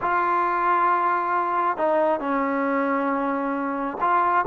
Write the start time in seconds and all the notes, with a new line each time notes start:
0.01 F4
1.77 D#4
2.20 C#4
4.00 F4